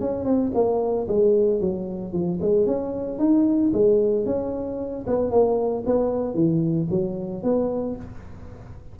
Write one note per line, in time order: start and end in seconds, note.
0.00 0.25 C#4
0.25 0.51 C4
0.54 1.07 A#3
1.08 1.60 G#3
1.60 2.12 F#3
2.12 2.39 F3
2.41 2.66 G#3
2.66 3.19 C#4
3.19 3.72 D#4
3.73 4.25 G#3
4.25 5.05 C#4
5.06 5.30 B3
5.30 5.84 A#3
5.86 6.34 B3
6.34 6.87 E3
6.90 7.43 F#3
7.43 7.96 B3